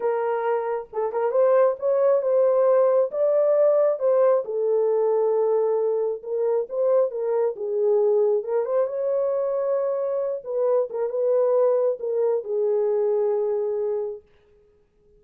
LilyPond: \new Staff \with { instrumentName = "horn" } { \time 4/4 \tempo 4 = 135 ais'2 a'8 ais'8 c''4 | cis''4 c''2 d''4~ | d''4 c''4 a'2~ | a'2 ais'4 c''4 |
ais'4 gis'2 ais'8 c''8 | cis''2.~ cis''8 b'8~ | b'8 ais'8 b'2 ais'4 | gis'1 | }